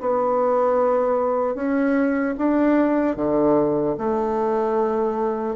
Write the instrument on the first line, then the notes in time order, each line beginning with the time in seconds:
bassoon
0.00 B3
1.55 C#4
2.38 D4
3.16 D3
3.98 A3